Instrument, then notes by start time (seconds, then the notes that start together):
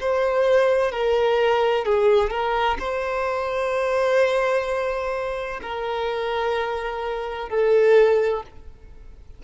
violin
0.00 C5
0.91 A#4
1.85 G#4
2.30 A#4
2.79 C5
5.62 A#4
7.49 A4